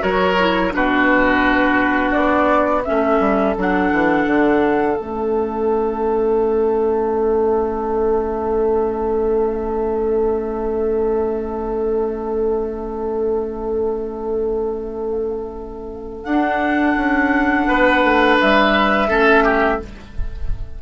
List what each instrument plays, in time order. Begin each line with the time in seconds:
0.00 bassoon F#3, clarinet F#4, oboe A#4, flute C#5
0.40 clarinet E4
0.71 bassoon B2, clarinet D4, oboe F#4, flute B4
2.12 bassoon B3, flute D5
2.85 bassoon A3, clarinet C#4, oboe A4, flute E5
3.20 bassoon G3
3.58 bassoon F#3, clarinet D4, flute F#5
3.92 bassoon E3
4.27 bassoon D3
4.97 bassoon A3, clarinet C#4, flute E5
16.24 bassoon D4, clarinet D4, flute F#5
16.97 bassoon C#4
17.68 bassoon B3, oboe B4
18.04 bassoon A3
18.41 bassoon G3, flute E5
19.09 bassoon A3, clarinet C#4, oboe A4
19.44 oboe G4